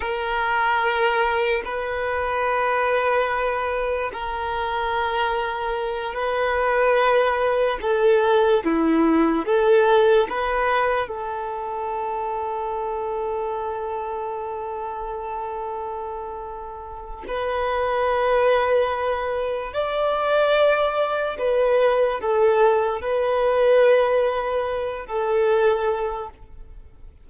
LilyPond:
\new Staff \with { instrumentName = "violin" } { \time 4/4 \tempo 4 = 73 ais'2 b'2~ | b'4 ais'2~ ais'8 b'8~ | b'4. a'4 e'4 a'8~ | a'8 b'4 a'2~ a'8~ |
a'1~ | a'4 b'2. | d''2 b'4 a'4 | b'2~ b'8 a'4. | }